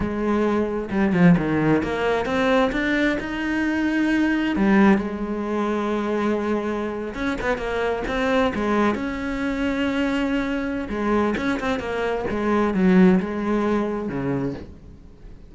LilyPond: \new Staff \with { instrumentName = "cello" } { \time 4/4 \tempo 4 = 132 gis2 g8 f8 dis4 | ais4 c'4 d'4 dis'4~ | dis'2 g4 gis4~ | gis2.~ gis8. cis'16~ |
cis'16 b8 ais4 c'4 gis4 cis'16~ | cis'1 | gis4 cis'8 c'8 ais4 gis4 | fis4 gis2 cis4 | }